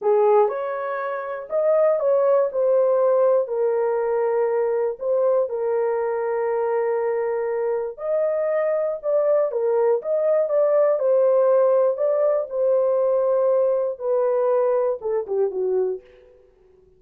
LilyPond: \new Staff \with { instrumentName = "horn" } { \time 4/4 \tempo 4 = 120 gis'4 cis''2 dis''4 | cis''4 c''2 ais'4~ | ais'2 c''4 ais'4~ | ais'1 |
dis''2 d''4 ais'4 | dis''4 d''4 c''2 | d''4 c''2. | b'2 a'8 g'8 fis'4 | }